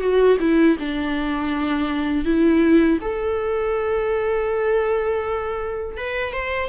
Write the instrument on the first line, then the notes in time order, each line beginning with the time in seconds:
viola
0.00 F#4
0.40 E4
0.79 D4
2.25 E4
3.01 A4
5.97 B4
6.32 C5